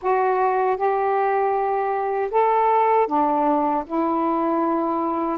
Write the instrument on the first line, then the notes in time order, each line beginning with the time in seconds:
saxophone
0.02 F#4
0.76 G4
2.30 A4
3.07 D4
3.86 E4